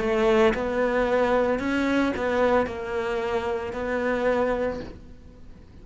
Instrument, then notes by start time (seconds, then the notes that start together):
cello
0.00 A3
0.54 B3
1.59 C#4
2.16 B3
2.66 A#3
3.73 B3